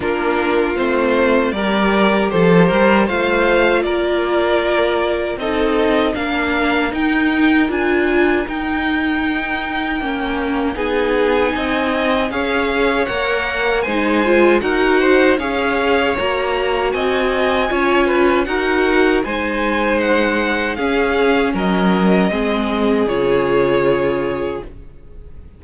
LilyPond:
<<
  \new Staff \with { instrumentName = "violin" } { \time 4/4 \tempo 4 = 78 ais'4 c''4 d''4 c''4 | f''4 d''2 dis''4 | f''4 g''4 gis''4 g''4~ | g''2 gis''2 |
f''4 fis''4 gis''4 fis''4 | f''4 ais''4 gis''2 | fis''4 gis''4 fis''4 f''4 | dis''2 cis''2 | }
  \new Staff \with { instrumentName = "violin" } { \time 4/4 f'2 ais'4 a'8 ais'8 | c''4 ais'2 a'4 | ais'1~ | ais'2 gis'4 dis''4 |
cis''2 c''4 ais'8 c''8 | cis''2 dis''4 cis''8 b'8 | ais'4 c''2 gis'4 | ais'4 gis'2. | }
  \new Staff \with { instrumentName = "viola" } { \time 4/4 d'4 c'4 g'2 | f'2. dis'4 | d'4 dis'4 f'4 dis'4~ | dis'4 cis'4 dis'2 |
gis'4 ais'4 dis'8 f'8 fis'4 | gis'4 fis'2 f'4 | fis'4 dis'2 cis'4~ | cis'4 c'4 f'2 | }
  \new Staff \with { instrumentName = "cello" } { \time 4/4 ais4 a4 g4 f8 g8 | a4 ais2 c'4 | ais4 dis'4 d'4 dis'4~ | dis'4 ais4 b4 c'4 |
cis'4 ais4 gis4 dis'4 | cis'4 ais4 c'4 cis'4 | dis'4 gis2 cis'4 | fis4 gis4 cis2 | }
>>